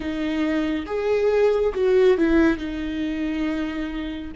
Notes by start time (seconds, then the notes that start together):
0.00 D#4
0.86 G#4
1.74 F#4
2.17 E4
2.57 D#4